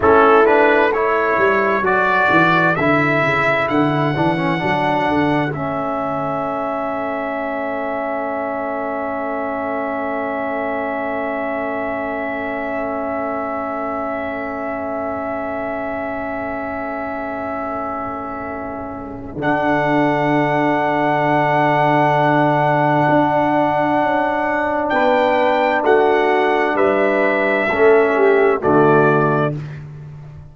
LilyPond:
<<
  \new Staff \with { instrumentName = "trumpet" } { \time 4/4 \tempo 4 = 65 a'8 b'8 cis''4 d''4 e''4 | fis''2 e''2~ | e''1~ | e''1~ |
e''1~ | e''4 fis''2.~ | fis''2. g''4 | fis''4 e''2 d''4 | }
  \new Staff \with { instrumentName = "horn" } { \time 4/4 e'4 a'2.~ | a'1~ | a'1~ | a'1~ |
a'1~ | a'1~ | a'2. b'4 | fis'4 b'4 a'8 g'8 fis'4 | }
  \new Staff \with { instrumentName = "trombone" } { \time 4/4 cis'8 d'8 e'4 fis'4 e'4~ | e'8 d'16 cis'16 d'4 cis'2~ | cis'1~ | cis'1~ |
cis'1~ | cis'4 d'2.~ | d'1~ | d'2 cis'4 a4 | }
  \new Staff \with { instrumentName = "tuba" } { \time 4/4 a4. g8 fis8 e8 d8 cis8 | d8 e8 fis8 d8 a2~ | a1~ | a1~ |
a1~ | a4 d2.~ | d4 d'4 cis'4 b4 | a4 g4 a4 d4 | }
>>